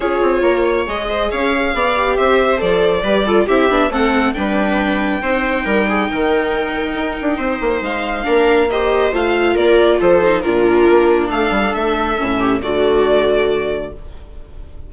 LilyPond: <<
  \new Staff \with { instrumentName = "violin" } { \time 4/4 \tempo 4 = 138 cis''2 dis''4 f''4~ | f''4 e''4 d''2 | e''4 fis''4 g''2~ | g''1~ |
g''2 f''2 | dis''4 f''4 d''4 c''4 | ais'2 f''4 e''4~ | e''4 d''2. | }
  \new Staff \with { instrumentName = "viola" } { \time 4/4 gis'4 ais'8 cis''4 c''8 cis''4 | d''4 c''2 b'8 a'8 | g'4 a'4 b'2 | c''4 ais'8 gis'8 ais'2~ |
ais'4 c''2 ais'4 | c''2 ais'4 a'4 | f'2 a'2~ | a'8 g'8 fis'2. | }
  \new Staff \with { instrumentName = "viola" } { \time 4/4 f'2 gis'2~ | gis'8 g'4. a'4 g'8 f'8 | e'8 d'8 c'4 d'2 | dis'1~ |
dis'2. d'4 | g'4 f'2~ f'8 dis'8 | d'1 | cis'4 a2. | }
  \new Staff \with { instrumentName = "bassoon" } { \time 4/4 cis'8 c'8 ais4 gis4 cis'4 | b4 c'4 f4 g4 | c'8 b8 a4 g2 | c'4 g4 dis2 |
dis'8 d'8 c'8 ais8 gis4 ais4~ | ais4 a4 ais4 f4 | ais,4 ais4 a8 g8 a4 | a,4 d2. | }
>>